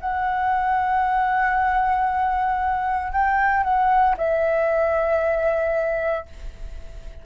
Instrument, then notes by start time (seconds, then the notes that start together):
flute
0.00 F#5
3.12 G5
3.63 F#5
4.17 E5